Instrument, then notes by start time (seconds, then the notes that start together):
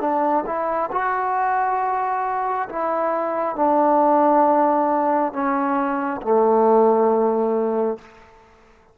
trombone
0.00 D4
0.46 E4
0.91 F#4
2.69 E4
3.55 D4
5.32 C#4
6.21 A3